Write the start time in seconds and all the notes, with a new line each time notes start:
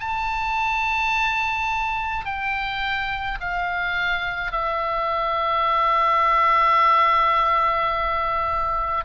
0.00 A5
2.25 G5
3.41 F5
4.52 E5